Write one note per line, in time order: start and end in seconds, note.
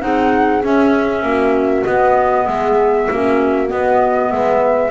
0.00 0.62 C4
0.00 0.61 D#4
0.00 1.25 G#4
0.00 0.62 F#5
0.63 1.85 C#4
0.63 1.22 C#4
0.63 1.84 E5
1.22 1.83 A#3
1.22 2.45 F#4
1.84 2.47 B3
1.84 3.11 B3
1.84 2.45 D#5
2.45 3.08 G#3
2.45 3.06 G#4
2.45 3.68 E5
3.10 3.71 A#3
3.10 3.67 C#4
3.10 4.32 F#4
3.67 4.89 B3
3.67 4.32 B3
3.67 4.31 D#5
4.31 4.90 G#3
4.31 4.90 B4
4.31 4.90 E5